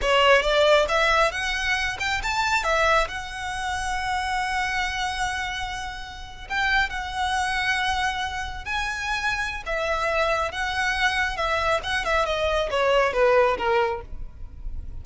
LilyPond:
\new Staff \with { instrumentName = "violin" } { \time 4/4 \tempo 4 = 137 cis''4 d''4 e''4 fis''4~ | fis''8 g''8 a''4 e''4 fis''4~ | fis''1~ | fis''2~ fis''8. g''4 fis''16~ |
fis''2.~ fis''8. gis''16~ | gis''2 e''2 | fis''2 e''4 fis''8 e''8 | dis''4 cis''4 b'4 ais'4 | }